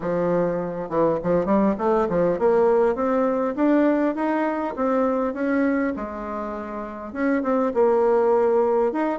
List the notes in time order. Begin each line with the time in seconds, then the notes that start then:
0.00 F3
0.89 E3
1.23 F3
1.45 G3
1.78 A3
2.09 F3
2.38 A#3
2.95 C4
3.55 D4
4.15 D#4
4.76 C4
5.33 C#4
5.96 G#3
7.12 C#4
7.43 C4
7.74 A#3
8.92 D#4